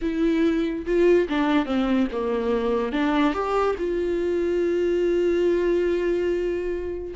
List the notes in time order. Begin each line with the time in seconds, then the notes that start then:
0.01 E4
0.86 F4
1.28 D4
1.65 C4
2.11 A#3
2.92 D4
3.33 G4
3.78 F4